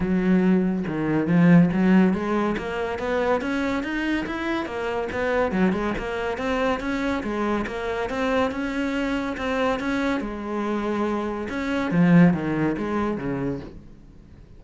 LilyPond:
\new Staff \with { instrumentName = "cello" } { \time 4/4 \tempo 4 = 141 fis2 dis4 f4 | fis4 gis4 ais4 b4 | cis'4 dis'4 e'4 ais4 | b4 fis8 gis8 ais4 c'4 |
cis'4 gis4 ais4 c'4 | cis'2 c'4 cis'4 | gis2. cis'4 | f4 dis4 gis4 cis4 | }